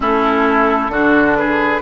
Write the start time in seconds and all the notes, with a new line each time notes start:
0.00 A3 C#4 E4 A4
0.88 D3 D4 F#4
1.36 G#4 B4